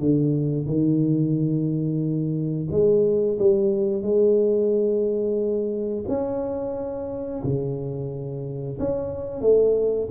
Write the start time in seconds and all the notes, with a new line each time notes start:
0.00 D3
0.66 D#3
2.71 G#3
3.39 G3
4.03 G#3
6.08 C#4
7.44 C#3
8.79 C#4
9.41 A3